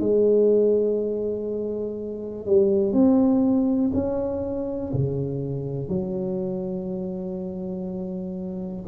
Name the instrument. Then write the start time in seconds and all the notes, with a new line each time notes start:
tuba
0.00 G#3
2.46 G3
2.93 C4
3.94 C#4
4.93 C#3
5.89 F#3